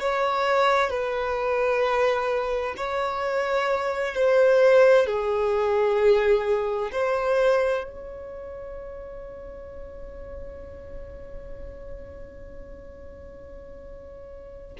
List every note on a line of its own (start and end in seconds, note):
0.00 0.90 C#5
0.90 2.75 B4
2.77 4.15 C#5
4.15 5.06 C5
5.06 6.91 G#4
6.92 7.84 C5
7.84 14.76 C#5